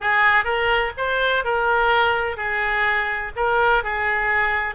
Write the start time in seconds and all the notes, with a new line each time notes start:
0.00 G#4
0.44 A#4
0.97 C5
1.44 A#4
2.36 G#4
3.36 A#4
3.83 G#4